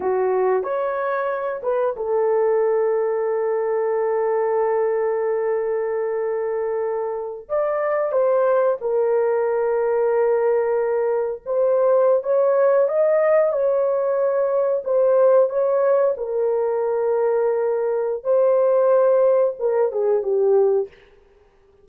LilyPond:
\new Staff \with { instrumentName = "horn" } { \time 4/4 \tempo 4 = 92 fis'4 cis''4. b'8 a'4~ | a'1~ | a'2.~ a'8 d''8~ | d''8 c''4 ais'2~ ais'8~ |
ais'4. c''4~ c''16 cis''4 dis''16~ | dis''8. cis''2 c''4 cis''16~ | cis''8. ais'2.~ ais'16 | c''2 ais'8 gis'8 g'4 | }